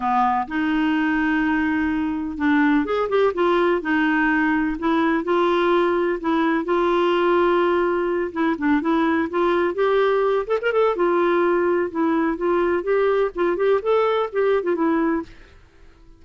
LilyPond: \new Staff \with { instrumentName = "clarinet" } { \time 4/4 \tempo 4 = 126 b4 dis'2.~ | dis'4 d'4 gis'8 g'8 f'4 | dis'2 e'4 f'4~ | f'4 e'4 f'2~ |
f'4. e'8 d'8 e'4 f'8~ | f'8 g'4. a'16 ais'16 a'8 f'4~ | f'4 e'4 f'4 g'4 | f'8 g'8 a'4 g'8. f'16 e'4 | }